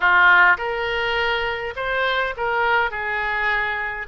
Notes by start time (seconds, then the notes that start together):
0.00 F4
0.57 A#4
1.76 C5
2.36 A#4
2.90 G#4